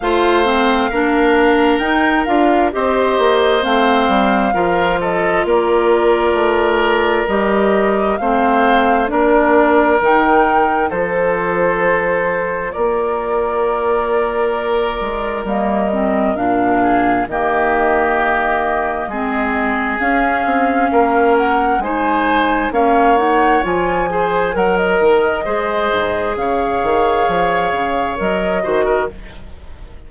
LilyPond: <<
  \new Staff \with { instrumentName = "flute" } { \time 4/4 \tempo 4 = 66 f''2 g''8 f''8 dis''4 | f''4. dis''8 d''2 | dis''4 f''4 d''4 g''4 | c''2 d''2~ |
d''4 dis''4 f''4 dis''4~ | dis''2 f''4. fis''8 | gis''4 f''8 fis''8 gis''4 fis''16 dis''8.~ | dis''4 f''2 dis''4 | }
  \new Staff \with { instrumentName = "oboe" } { \time 4/4 c''4 ais'2 c''4~ | c''4 ais'8 a'8 ais'2~ | ais'4 c''4 ais'2 | a'2 ais'2~ |
ais'2~ ais'8 gis'8 g'4~ | g'4 gis'2 ais'4 | c''4 cis''4. c''8 ais'4 | c''4 cis''2~ cis''8 c''16 ais'16 | }
  \new Staff \with { instrumentName = "clarinet" } { \time 4/4 f'8 c'8 d'4 dis'8 f'8 g'4 | c'4 f'2. | g'4 c'4 d'4 dis'4 | f'1~ |
f'4 ais8 c'8 d'4 ais4~ | ais4 c'4 cis'2 | dis'4 cis'8 dis'8 f'8 gis'8 ais'4 | gis'2. ais'8 fis'8 | }
  \new Staff \with { instrumentName = "bassoon" } { \time 4/4 a4 ais4 dis'8 d'8 c'8 ais8 | a8 g8 f4 ais4 a4 | g4 a4 ais4 dis4 | f2 ais2~ |
ais8 gis8 g4 ais,4 dis4~ | dis4 gis4 cis'8 c'8 ais4 | gis4 ais4 f4 fis8 dis8 | gis8 gis,8 cis8 dis8 f8 cis8 fis8 dis8 | }
>>